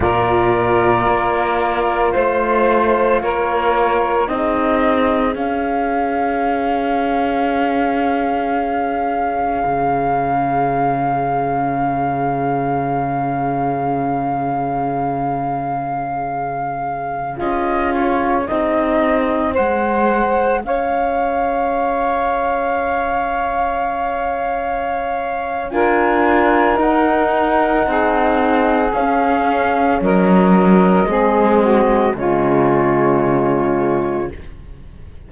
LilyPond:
<<
  \new Staff \with { instrumentName = "flute" } { \time 4/4 \tempo 4 = 56 d''2 c''4 cis''4 | dis''4 f''2.~ | f''1~ | f''1~ |
f''16 dis''8 cis''8 dis''4 fis''4 f''8.~ | f''1 | gis''4 fis''2 f''4 | dis''2 cis''2 | }
  \new Staff \with { instrumentName = "saxophone" } { \time 4/4 ais'2 c''4 ais'4 | gis'1~ | gis'1~ | gis'1~ |
gis'2~ gis'16 c''4 cis''8.~ | cis''1 | ais'2 gis'2 | ais'4 gis'8 fis'8 f'2 | }
  \new Staff \with { instrumentName = "horn" } { \time 4/4 f'1 | dis'4 cis'2.~ | cis'1~ | cis'1~ |
cis'16 f'4 dis'4 gis'4.~ gis'16~ | gis'1 | f'4 dis'2 cis'4~ | cis'4 c'4 gis2 | }
  \new Staff \with { instrumentName = "cello" } { \time 4/4 ais,4 ais4 a4 ais4 | c'4 cis'2.~ | cis'4 cis2.~ | cis1~ |
cis16 cis'4 c'4 gis4 cis'8.~ | cis'1 | d'4 dis'4 c'4 cis'4 | fis4 gis4 cis2 | }
>>